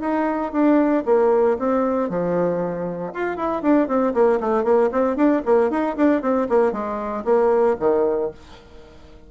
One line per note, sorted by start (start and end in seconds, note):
0.00 0.52 D#4
0.52 1.03 D4
1.05 1.57 A#3
1.58 2.09 C4
2.09 3.12 F3
3.13 3.36 F4
3.36 3.62 E4
3.62 3.87 D4
3.87 4.13 C4
4.13 4.39 A#3
4.40 4.64 A3
4.64 4.89 A#3
4.91 5.16 C4
5.16 5.42 D4
5.45 5.70 A#3
5.70 5.96 D#4
5.96 6.22 D4
6.22 6.47 C4
6.49 6.72 A#3
6.72 7.24 G#3
7.24 7.76 A#3
7.79 8.31 D#3